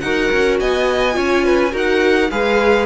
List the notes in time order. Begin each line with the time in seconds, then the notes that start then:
0.00 D#4 F#4 A#4 F#5
0.32 C#4
0.60 B3 D#5 G#5
1.12 C#4 F4 C#5
1.45 B4
1.72 D#4 F#4 A#4 F#5
2.31 G#3 G#4 B4 F5